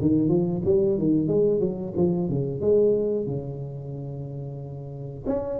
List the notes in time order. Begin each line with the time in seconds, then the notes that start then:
0.00 D#3
0.28 F3
0.64 G3
0.98 D#3
1.27 G#3
1.60 F#3
1.96 F3
2.29 C#3
2.60 G#3
3.26 C#3
5.26 C#4